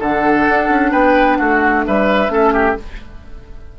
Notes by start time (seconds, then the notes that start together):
0.00 D3 D4 A4 F#5
0.49 D4
0.69 C#4
0.91 B3 B4 G5
1.37 A3 F#4 F#5
1.86 G3 B4 E5
2.28 A3 C#4 A4
2.54 G4